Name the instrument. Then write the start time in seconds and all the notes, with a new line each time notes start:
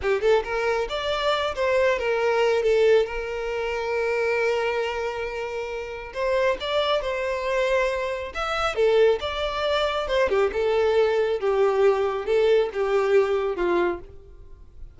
violin
0.02 G4
0.21 A4
0.44 A#4
0.89 D5
1.55 C5
1.98 A#4
2.62 A4
3.06 A#4
6.13 C5
6.60 D5
7.01 C5
8.34 E5
8.75 A4
9.20 D5
10.07 C5
10.29 G4
10.52 A4
11.40 G4
12.25 A4
12.73 G4
13.55 F4